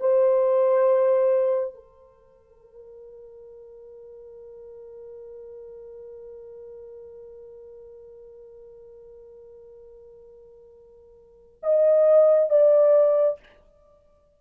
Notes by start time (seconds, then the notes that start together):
0.00 C5
1.74 A#4
11.63 D#5
12.50 D5